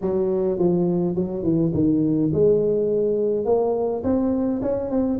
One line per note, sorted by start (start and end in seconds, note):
0.01 0.58 F#3
0.58 1.15 F3
1.15 1.43 F#3
1.43 1.72 E3
1.74 2.31 D#3
2.33 3.45 G#3
3.45 4.02 A#3
4.03 4.61 C4
4.62 4.90 C#4
4.90 5.19 C4